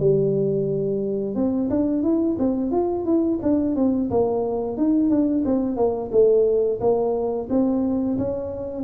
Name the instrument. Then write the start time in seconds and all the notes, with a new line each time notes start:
tuba
0.00 G3
1.35 C4
1.71 D4
2.03 E4
2.40 C4
2.72 F4
3.06 E4
3.43 D4
3.76 C4
4.11 A#3
4.78 D#4
5.10 D4
5.45 C4
5.77 A#3
6.12 A3
6.81 A#3
7.50 C4
8.19 C#4